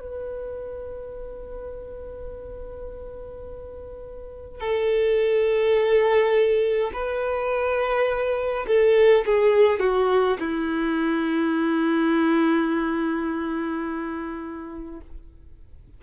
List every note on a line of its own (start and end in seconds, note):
0.00 4.60 B4
4.60 6.91 A4
6.93 8.66 B4
8.67 9.25 A4
9.25 9.80 G#4
9.80 10.37 F#4
10.39 15.01 E4